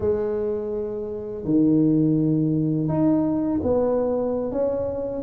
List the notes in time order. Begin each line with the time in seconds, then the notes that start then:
0.00 G#3
1.44 D#3
2.88 D#4
3.62 B3
4.51 C#4